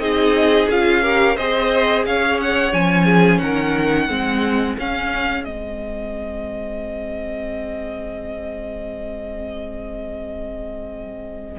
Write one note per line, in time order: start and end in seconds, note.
0.00 0.68 C4
0.00 0.69 D#4
0.00 1.03 G#4
0.00 0.69 D#5
0.70 1.38 C#4
0.70 1.04 F4
0.70 1.37 F5
1.03 1.38 G4
1.03 1.36 A#4
1.36 2.07 C4
1.36 2.73 G#4
1.36 2.04 C5
1.36 2.05 D#5
2.07 2.73 C#4
2.07 3.05 C#5
2.07 2.41 F5
2.41 2.74 F#5
2.73 3.41 F3
2.73 4.09 C#4
2.73 3.39 G#5
3.05 3.39 G#4
3.39 4.10 D#3
3.39 4.09 A#4
3.39 4.76 F#5
4.09 4.78 G#3
4.09 4.77 C4
4.09 11.59 G#4
4.79 5.46 C#4
4.79 5.45 C#4
4.79 5.44 F5
5.44 11.60 G#3
5.44 11.58 C4
5.44 11.58 D#5